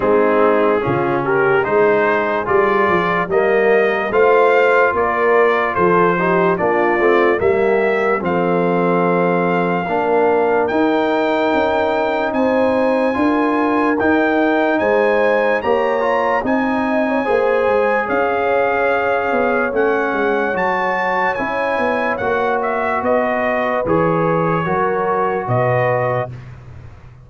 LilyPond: <<
  \new Staff \with { instrumentName = "trumpet" } { \time 4/4 \tempo 4 = 73 gis'4. ais'8 c''4 d''4 | dis''4 f''4 d''4 c''4 | d''4 e''4 f''2~ | f''4 g''2 gis''4~ |
gis''4 g''4 gis''4 ais''4 | gis''2 f''2 | fis''4 a''4 gis''4 fis''8 e''8 | dis''4 cis''2 dis''4 | }
  \new Staff \with { instrumentName = "horn" } { \time 4/4 dis'4 f'8 g'8 gis'2 | ais'4 c''4 ais'4 a'8 g'8 | f'4 g'4 a'2 | ais'2. c''4 |
ais'2 c''4 cis''4 | dis''8. cis''16 c''4 cis''2~ | cis''1 | b'2 ais'4 b'4 | }
  \new Staff \with { instrumentName = "trombone" } { \time 4/4 c'4 cis'4 dis'4 f'4 | ais4 f'2~ f'8 dis'8 | d'8 c'8 ais4 c'2 | d'4 dis'2. |
f'4 dis'2 g'8 f'8 | dis'4 gis'2. | cis'4 fis'4 e'4 fis'4~ | fis'4 gis'4 fis'2 | }
  \new Staff \with { instrumentName = "tuba" } { \time 4/4 gis4 cis4 gis4 g8 f8 | g4 a4 ais4 f4 | ais8 a8 g4 f2 | ais4 dis'4 cis'4 c'4 |
d'4 dis'4 gis4 ais4 | c'4 ais8 gis8 cis'4. b8 | a8 gis8 fis4 cis'8 b8 ais4 | b4 e4 fis4 b,4 | }
>>